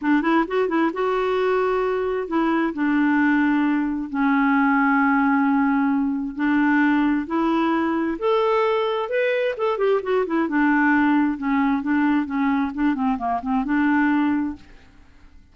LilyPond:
\new Staff \with { instrumentName = "clarinet" } { \time 4/4 \tempo 4 = 132 d'8 e'8 fis'8 e'8 fis'2~ | fis'4 e'4 d'2~ | d'4 cis'2.~ | cis'2 d'2 |
e'2 a'2 | b'4 a'8 g'8 fis'8 e'8 d'4~ | d'4 cis'4 d'4 cis'4 | d'8 c'8 ais8 c'8 d'2 | }